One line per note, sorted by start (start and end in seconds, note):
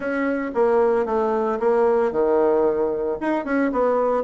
0.00 0.51 C#4
0.54 1.05 A#3
1.05 1.58 A3
1.59 2.11 A#3
2.11 3.17 D#3
3.20 3.44 D#4
3.44 3.71 C#4
3.72 4.23 B3